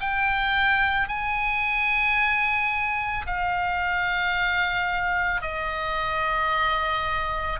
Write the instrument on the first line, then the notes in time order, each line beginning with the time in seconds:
oboe
0.00 G5
1.08 G#5
3.26 F5
5.41 D#5